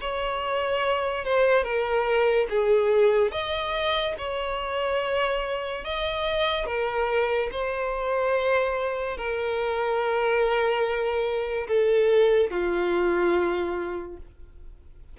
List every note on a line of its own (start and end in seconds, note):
0.00 1.24 C#5
1.24 1.63 C5
1.63 2.47 A#4
2.49 3.31 G#4
3.31 4.14 D#5
4.17 5.84 C#5
5.84 6.66 D#5
6.66 7.49 A#4
7.52 9.17 C5
9.17 11.67 A#4
11.67 12.50 A4
12.50 14.17 F4